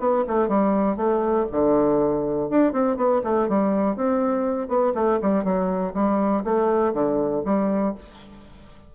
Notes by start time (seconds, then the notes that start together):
0.00 B3
0.28 A3
0.48 G3
0.97 A3
1.52 D3
2.50 D4
2.73 C4
2.97 B3
3.24 A3
3.49 G3
3.96 C4
4.69 B3
4.95 A3
5.22 G3
5.45 F#3
5.95 G3
6.45 A3
6.94 D3
7.45 G3